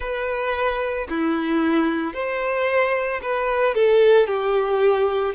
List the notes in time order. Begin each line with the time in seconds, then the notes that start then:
0.00 B4
1.09 E4
2.13 C5
3.21 B4
3.75 A4
4.26 G4